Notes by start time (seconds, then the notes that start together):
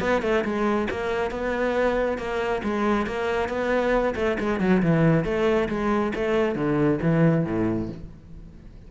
0.00 B3
0.22 A3
0.44 G#3
0.90 A#3
1.31 B3
2.18 A#3
2.63 G#3
3.06 A#3
3.49 B3
4.15 A3
4.39 G#3
4.60 F#3
4.82 E3
5.24 A3
5.69 G#3
6.15 A3
6.55 D3
7.01 E3
7.45 A2